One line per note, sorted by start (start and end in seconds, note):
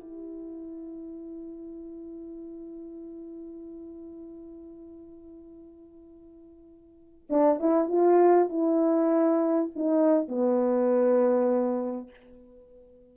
0.00 7.27 E4
7.29 7.60 D4
7.60 7.88 E4
7.88 8.49 F4
8.49 9.71 E4
9.75 10.28 D#4
10.28 12.10 B3